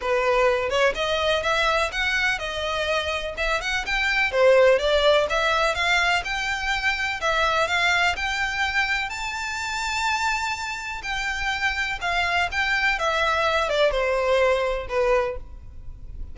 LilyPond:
\new Staff \with { instrumentName = "violin" } { \time 4/4 \tempo 4 = 125 b'4. cis''8 dis''4 e''4 | fis''4 dis''2 e''8 fis''8 | g''4 c''4 d''4 e''4 | f''4 g''2 e''4 |
f''4 g''2 a''4~ | a''2. g''4~ | g''4 f''4 g''4 e''4~ | e''8 d''8 c''2 b'4 | }